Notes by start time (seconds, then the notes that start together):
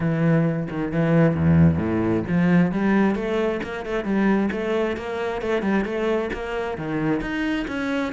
0.00 E3
0.70 D#3
0.92 E3
1.35 E2
1.78 A2
2.27 F3
2.71 G3
3.15 A3
3.63 A#3
3.85 A3
4.04 G3
4.51 A3
4.96 A#3
5.41 A3
5.62 G3
5.85 A3
6.33 A#3
6.77 D#3
7.21 D#4
7.67 C#4